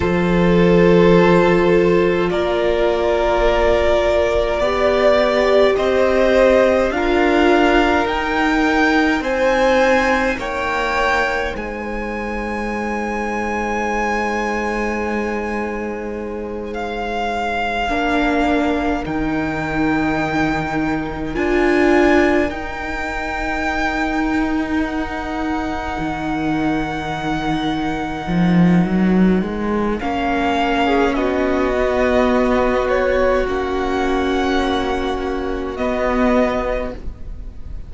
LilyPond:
<<
  \new Staff \with { instrumentName = "violin" } { \time 4/4 \tempo 4 = 52 c''2 d''2~ | d''4 dis''4 f''4 g''4 | gis''4 g''4 gis''2~ | gis''2~ gis''8 f''4.~ |
f''8 g''2 gis''4 g''8~ | g''4. fis''2~ fis''8~ | fis''2 f''4 dis''4~ | dis''8 cis''8 fis''2 dis''4 | }
  \new Staff \with { instrumentName = "violin" } { \time 4/4 a'2 ais'2 | d''4 c''4 ais'2 | c''4 cis''4 c''2~ | c''2.~ c''8 ais'8~ |
ais'1~ | ais'1~ | ais'2~ ais'8. gis'16 fis'4~ | fis'1 | }
  \new Staff \with { instrumentName = "viola" } { \time 4/4 f'1 | g'2 f'4 dis'4~ | dis'1~ | dis'2.~ dis'8 d'8~ |
d'8 dis'2 f'4 dis'8~ | dis'1~ | dis'2 cis'4. b8~ | b4 cis'2 b4 | }
  \new Staff \with { instrumentName = "cello" } { \time 4/4 f2 ais2 | b4 c'4 d'4 dis'4 | c'4 ais4 gis2~ | gis2.~ gis8 ais8~ |
ais8 dis2 d'4 dis'8~ | dis'2~ dis'8 dis4.~ | dis8 f8 fis8 gis8 ais4 b4~ | b4 ais2 b4 | }
>>